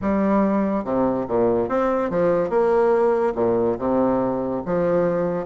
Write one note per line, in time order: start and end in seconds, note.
0.01 0.84 G3
0.84 1.26 C3
1.28 1.68 A#2
1.68 2.10 C4
2.10 2.49 F3
2.49 3.33 A#3
3.35 3.77 A#2
3.78 4.62 C3
4.65 5.46 F3